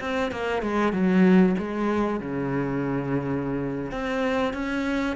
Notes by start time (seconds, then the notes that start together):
0.00 C4
0.31 A#3
0.62 G#3
0.93 F#3
1.58 G#3
2.20 C#3
3.91 C4
4.53 C#4